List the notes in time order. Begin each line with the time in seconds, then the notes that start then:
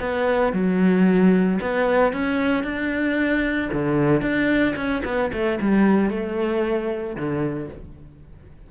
0.00 B3
0.53 F#3
1.61 B3
2.13 C#4
2.64 D4
3.73 D3
4.22 D4
4.76 C#4
5.05 B3
5.33 A3
5.61 G3
6.10 A3
7.16 D3